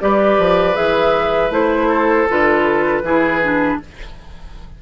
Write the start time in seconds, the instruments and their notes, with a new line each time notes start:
0.00 bassoon G3, clarinet G4, oboe B4, flute D5
0.38 bassoon F3
0.74 bassoon E3, clarinet G#4, flute E5
1.50 bassoon A3, clarinet E4, flute C5
1.88 oboe A4
2.29 bassoon D3, clarinet F4, flute B4
3.02 bassoon E3, clarinet E4, oboe G#4
3.42 clarinet D4